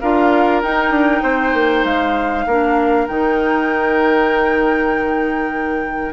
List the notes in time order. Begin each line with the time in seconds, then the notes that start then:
0.00 D4 F4 A#4 F5
0.62 D#4 G5
0.91 D4
1.22 C4 C5
1.54 A#3
1.84 G#3 F5
2.46 A#3 D4 A#4
3.07 D#3 D#4 G5